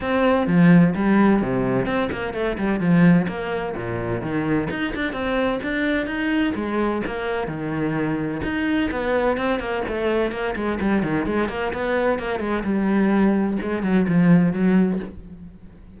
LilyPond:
\new Staff \with { instrumentName = "cello" } { \time 4/4 \tempo 4 = 128 c'4 f4 g4 c4 | c'8 ais8 a8 g8 f4 ais4 | ais,4 dis4 dis'8 d'8 c'4 | d'4 dis'4 gis4 ais4 |
dis2 dis'4 b4 | c'8 ais8 a4 ais8 gis8 g8 dis8 | gis8 ais8 b4 ais8 gis8 g4~ | g4 gis8 fis8 f4 fis4 | }